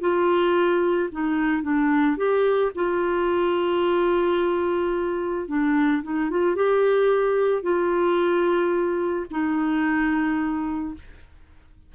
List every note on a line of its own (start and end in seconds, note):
0.00 1.09 F4
1.11 1.62 D#4
1.62 2.17 D4
2.17 2.71 G4
2.75 5.48 F4
5.48 6.02 D4
6.03 6.30 D#4
6.30 6.55 F4
6.55 7.62 G4
7.62 9.26 F4
9.30 10.94 D#4